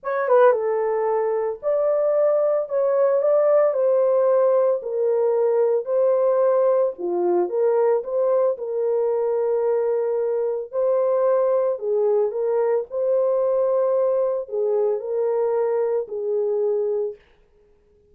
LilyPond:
\new Staff \with { instrumentName = "horn" } { \time 4/4 \tempo 4 = 112 cis''8 b'8 a'2 d''4~ | d''4 cis''4 d''4 c''4~ | c''4 ais'2 c''4~ | c''4 f'4 ais'4 c''4 |
ais'1 | c''2 gis'4 ais'4 | c''2. gis'4 | ais'2 gis'2 | }